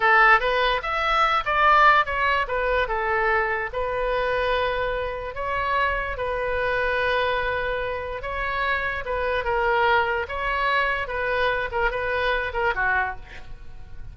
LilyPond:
\new Staff \with { instrumentName = "oboe" } { \time 4/4 \tempo 4 = 146 a'4 b'4 e''4. d''8~ | d''4 cis''4 b'4 a'4~ | a'4 b'2.~ | b'4 cis''2 b'4~ |
b'1 | cis''2 b'4 ais'4~ | ais'4 cis''2 b'4~ | b'8 ais'8 b'4. ais'8 fis'4 | }